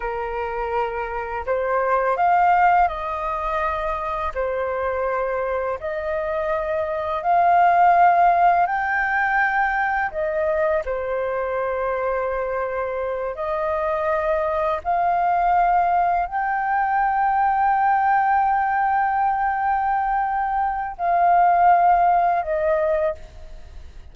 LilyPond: \new Staff \with { instrumentName = "flute" } { \time 4/4 \tempo 4 = 83 ais'2 c''4 f''4 | dis''2 c''2 | dis''2 f''2 | g''2 dis''4 c''4~ |
c''2~ c''8 dis''4.~ | dis''8 f''2 g''4.~ | g''1~ | g''4 f''2 dis''4 | }